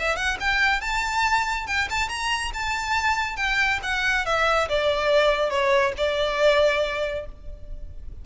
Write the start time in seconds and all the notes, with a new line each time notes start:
0.00 E5
0.16 F#5
0.41 G5
0.81 A5
1.67 G5
1.90 A5
2.09 A#5
2.54 A5
3.37 G5
3.83 F#5
4.26 E5
4.69 D5
5.51 C#5
5.97 D5